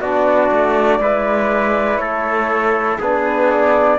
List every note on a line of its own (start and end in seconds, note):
0.00 0.50 B3
0.00 1.01 D4
0.00 1.00 F#4
0.00 1.97 D5
0.51 0.99 A3
0.99 1.98 G#3
0.99 3.01 E4
0.99 2.00 B4
1.97 2.98 A3
1.97 2.99 A4
1.97 2.97 C#5
2.99 3.99 B3
2.99 3.99 D4
2.99 3.99 G#4
2.99 3.50 B4
3.50 3.99 D5